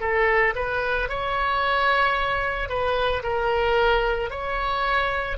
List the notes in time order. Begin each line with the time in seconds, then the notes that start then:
0.00 A4
0.55 B4
1.09 C#5
2.69 B4
3.23 A#4
4.30 C#5